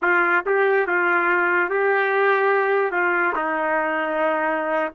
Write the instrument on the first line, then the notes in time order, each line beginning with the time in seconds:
trumpet
0.02 F4
0.46 G4
0.86 F4
1.69 G4
2.91 F4
3.35 D#4